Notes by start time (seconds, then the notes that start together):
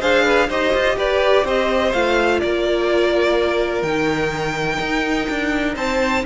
0.00 D4 G#4 C5 F5
0.24 B4
0.49 D#4 G4 C5 D#5
0.74 F4
0.97 G4 B4 D5
1.45 C4 C5 D#5
1.93 A3 F4 F5
2.40 A#3 A#4 D5
3.83 D#3 D#4 G5
4.80 D#4
5.30 D4
5.75 C4 C5 A5